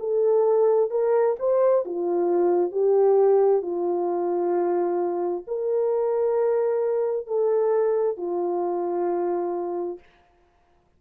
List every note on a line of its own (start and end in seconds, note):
0.00 0.91 A4
0.91 1.36 A#4
1.40 1.85 C5
1.86 2.72 F4
2.72 3.63 G4
3.63 5.45 F4
5.48 7.27 A#4
7.27 8.18 A4
8.18 10.00 F4